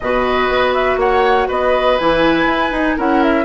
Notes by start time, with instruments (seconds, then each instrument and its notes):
0.00 bassoon B2, clarinet F#4, oboe B4, flute D#5
0.48 bassoon B3
0.74 flute E5
0.96 bassoon A#3, oboe C#5, flute F#5
1.48 bassoon B3, oboe B4, flute D#5
1.98 bassoon E3, clarinet E4, flute G#5
2.45 bassoon E4
2.71 bassoon D#4, clarinet D#4
2.96 bassoon C#4, clarinet E4, oboe A#4, flute F#5
3.23 flute E5